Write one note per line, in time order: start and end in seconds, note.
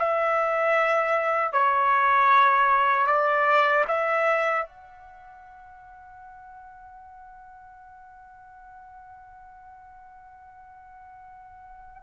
0.00 1.53 E5
1.53 3.07 C#5
3.07 3.85 D5
3.89 4.66 E5
4.66 12.03 F#5